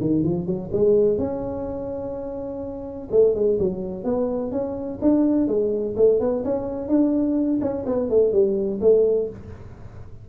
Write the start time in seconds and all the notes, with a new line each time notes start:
0.00 D#3
0.23 F3
0.46 F#3
0.72 G#3
1.18 C#4
3.11 A3
3.34 G#3
3.59 F#3
4.04 B3
4.51 C#4
5.01 D4
5.47 G#3
5.96 A3
6.20 B3
6.44 C#4
6.88 D4
7.61 C#4
7.86 B3
8.10 A3
8.32 G3
8.81 A3